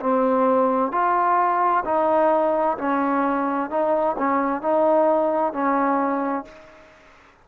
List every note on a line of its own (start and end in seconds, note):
0.00 0.91 C4
0.91 1.84 F4
1.85 2.77 D#4
2.78 3.70 C#4
3.70 4.16 D#4
4.17 4.62 C#4
4.62 5.53 D#4
5.53 6.45 C#4